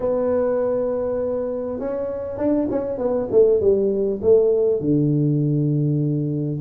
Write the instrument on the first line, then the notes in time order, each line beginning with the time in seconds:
tuba
0.00 B3
1.79 C#4
2.37 D4
2.70 C#4
2.98 B3
3.31 A3
3.60 G3
4.21 A3
4.80 D3